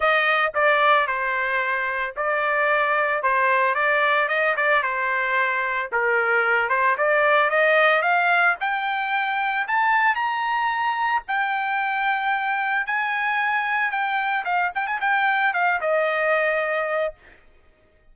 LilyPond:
\new Staff \with { instrumentName = "trumpet" } { \time 4/4 \tempo 4 = 112 dis''4 d''4 c''2 | d''2 c''4 d''4 | dis''8 d''8 c''2 ais'4~ | ais'8 c''8 d''4 dis''4 f''4 |
g''2 a''4 ais''4~ | ais''4 g''2. | gis''2 g''4 f''8 g''16 gis''16 | g''4 f''8 dis''2~ dis''8 | }